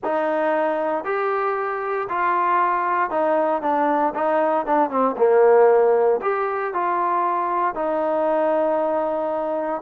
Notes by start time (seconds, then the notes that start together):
0.04 D#4
1.04 G4
2.09 F4
3.10 D#4
3.62 D4
4.14 D#4
4.66 D4
4.89 C4
5.17 A#3
6.22 G4
6.73 F4
7.74 D#4